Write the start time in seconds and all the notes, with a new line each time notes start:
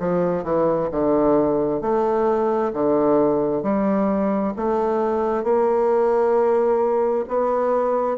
0.00 F3
0.44 E3
0.92 D3
1.81 A3
2.74 D3
3.63 G3
4.57 A3
5.44 A#3
7.28 B3